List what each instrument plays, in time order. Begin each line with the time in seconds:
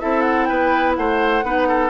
0.00 bassoon C4, clarinet E4, oboe A4, flute E5
0.22 flute F#5
0.45 bassoon B3, oboe B4, flute G5
0.96 bassoon A3, oboe C5, flute F#5
1.44 bassoon B3, clarinet D#4, oboe B4
1.69 oboe A4